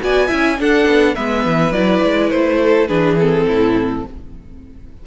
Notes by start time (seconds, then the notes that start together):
0.00 B3 F#4 D5 G#5
0.28 C#4 E4 E5
0.60 D4 A4 F#5
0.87 B3
1.15 G#3 B3 B4 E5
1.46 E3
1.72 F#3 E4 D5
2.04 G#3
2.31 A3 C5
2.63 A4
2.88 E3 D4 G#4 B4
3.20 C4 A4
3.47 A2 E4